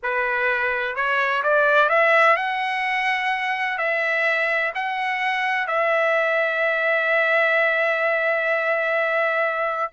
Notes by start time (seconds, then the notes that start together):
0.02 B4
0.95 C#5
1.43 D5
1.89 E5
2.36 F#5
3.78 E5
4.74 F#5
5.67 E5